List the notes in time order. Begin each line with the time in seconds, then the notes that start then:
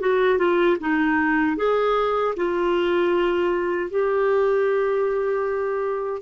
0.00 F#4
0.38 F4
0.80 D#4
1.57 G#4
2.36 F4
3.90 G4